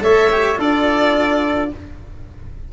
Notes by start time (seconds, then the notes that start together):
0.00 A3 A4 C#5 E5
0.32 G4
0.55 D4 F4 A4 D5